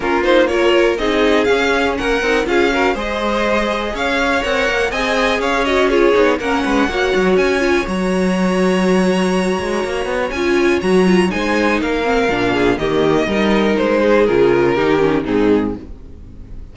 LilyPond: <<
  \new Staff \with { instrumentName = "violin" } { \time 4/4 \tempo 4 = 122 ais'8 c''8 cis''4 dis''4 f''4 | fis''4 f''4 dis''2 | f''4 fis''4 gis''4 f''8 dis''8 | cis''4 fis''2 gis''4 |
ais''1~ | ais''4 gis''4 ais''4 gis''4 | f''2 dis''2 | c''4 ais'2 gis'4 | }
  \new Staff \with { instrumentName = "violin" } { \time 4/4 f'4 ais'4 gis'2 | ais'4 gis'8 ais'8 c''2 | cis''2 dis''4 cis''4 | gis'4 ais'8 b'8 cis''2~ |
cis''1~ | cis''2. c''4 | ais'4. gis'8 g'4 ais'4~ | ais'8 gis'4. g'4 dis'4 | }
  \new Staff \with { instrumentName = "viola" } { \time 4/4 cis'8 dis'8 f'4 dis'4 cis'4~ | cis'8 dis'8 f'8 fis'8 gis'2~ | gis'4 ais'4 gis'4. fis'8 | f'8 dis'8 cis'4 fis'4. f'8 |
fis'1~ | fis'4 f'4 fis'8 f'8 dis'4~ | dis'8 c'8 d'4 ais4 dis'4~ | dis'4 f'4 dis'8 cis'8 c'4 | }
  \new Staff \with { instrumentName = "cello" } { \time 4/4 ais2 c'4 cis'4 | ais8 c'8 cis'4 gis2 | cis'4 c'8 ais8 c'4 cis'4~ | cis'8 b8 ais8 gis8 ais8 fis8 cis'4 |
fis2.~ fis8 gis8 | ais8 b8 cis'4 fis4 gis4 | ais4 ais,4 dis4 g4 | gis4 cis4 dis4 gis,4 | }
>>